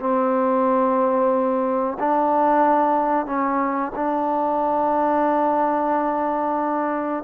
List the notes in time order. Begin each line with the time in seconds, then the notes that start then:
0.00 C4
2.00 D4
3.26 C#4
3.95 D4